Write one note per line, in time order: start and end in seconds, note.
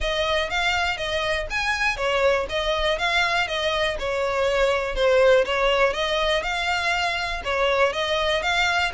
0.00 0.50 D#5
0.50 0.97 F5
0.97 1.47 D#5
1.50 1.97 G#5
1.97 2.46 C#5
2.49 2.98 D#5
2.98 3.47 F5
3.47 3.97 D#5
3.99 4.95 C#5
4.95 5.44 C5
5.45 5.93 C#5
5.93 6.42 D#5
6.42 7.42 F5
7.44 7.92 C#5
7.92 8.42 D#5
8.42 8.91 F5